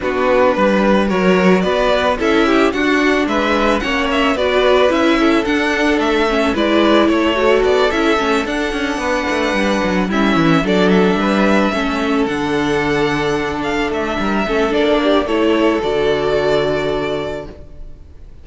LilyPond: <<
  \new Staff \with { instrumentName = "violin" } { \time 4/4 \tempo 4 = 110 b'2 cis''4 d''4 | e''4 fis''4 e''4 fis''8 e''8 | d''4 e''4 fis''4 e''4 | d''4 cis''4 d''8 e''4 fis''8~ |
fis''2~ fis''8 e''4 d''8 | e''2~ e''8 fis''4.~ | fis''4 f''8 e''4. d''4 | cis''4 d''2. | }
  \new Staff \with { instrumentName = "violin" } { \time 4/4 fis'4 b'4 ais'4 b'4 | a'8 g'8 fis'4 b'4 cis''4 | b'4. a'2~ a'8 | b'4 a'2.~ |
a'8 b'2 e'4 a'8~ | a'8 b'4 a'2~ a'8~ | a'2 ais'8 a'4 g'8 | a'1 | }
  \new Staff \with { instrumentName = "viola" } { \time 4/4 d'2 fis'2 | e'4 d'2 cis'4 | fis'4 e'4 d'4. cis'8 | e'4. fis'4 e'8 cis'8 d'8~ |
d'2~ d'8 cis'4 d'8~ | d'4. cis'4 d'4.~ | d'2~ d'8 cis'8 d'4 | e'4 fis'2. | }
  \new Staff \with { instrumentName = "cello" } { \time 4/4 b4 g4 fis4 b4 | cis'4 d'4 gis4 ais4 | b4 cis'4 d'4 a4 | gis4 a4 b8 cis'8 a8 d'8 |
cis'8 b8 a8 g8 fis8 g8 e8 fis8~ | fis8 g4 a4 d4.~ | d4. a8 g8 a8 ais4 | a4 d2. | }
>>